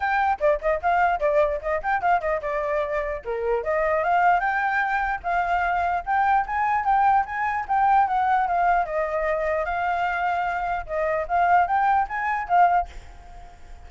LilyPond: \new Staff \with { instrumentName = "flute" } { \time 4/4 \tempo 4 = 149 g''4 d''8 dis''8 f''4 d''4 | dis''8 g''8 f''8 dis''8 d''2 | ais'4 dis''4 f''4 g''4~ | g''4 f''2 g''4 |
gis''4 g''4 gis''4 g''4 | fis''4 f''4 dis''2 | f''2. dis''4 | f''4 g''4 gis''4 f''4 | }